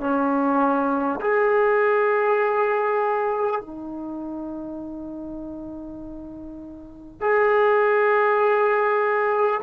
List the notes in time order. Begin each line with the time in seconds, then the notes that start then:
0.00 C#4
1.21 G#4
3.61 D#4
7.21 G#4